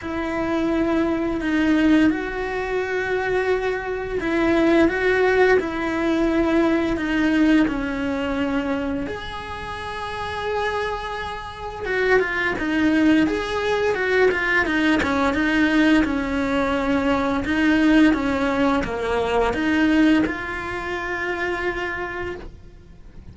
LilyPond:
\new Staff \with { instrumentName = "cello" } { \time 4/4 \tempo 4 = 86 e'2 dis'4 fis'4~ | fis'2 e'4 fis'4 | e'2 dis'4 cis'4~ | cis'4 gis'2.~ |
gis'4 fis'8 f'8 dis'4 gis'4 | fis'8 f'8 dis'8 cis'8 dis'4 cis'4~ | cis'4 dis'4 cis'4 ais4 | dis'4 f'2. | }